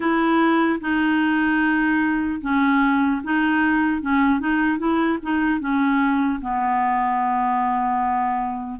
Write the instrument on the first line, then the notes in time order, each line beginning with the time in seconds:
clarinet
0.00 E4
0.80 D#4
2.41 C#4
3.23 D#4
4.01 C#4
4.39 D#4
4.78 E4
5.22 D#4
5.60 C#4
6.41 B3